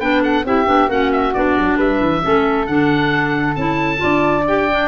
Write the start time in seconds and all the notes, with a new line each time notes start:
0.00 B3 D4 B4 G5
0.22 A4 F#5
0.45 C4 E4 G4 E5
0.66 B3 D4
0.88 A#3 C#4 F#4 F#5
1.12 E5
1.34 B3 D4 D5
1.57 F#3
1.77 G3 B4 E5
2.01 E3
2.22 A3 C#4 A4
2.67 D3 D4 F#5
3.56 C#4 E4 A5
3.97 F4 D5
4.04 D4
4.48 G4 G5
4.70 D4